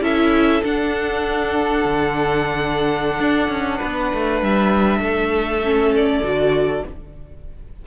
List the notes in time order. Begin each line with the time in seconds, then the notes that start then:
0.00 C#4 E4 A4 E5
0.62 D4 F#5
1.85 D3
3.19 D4
3.48 C#4
3.78 B3 B4
4.14 A3
4.42 G3 E5
4.99 A3 A4
5.64 C#4
5.95 D5
6.22 D3 F#4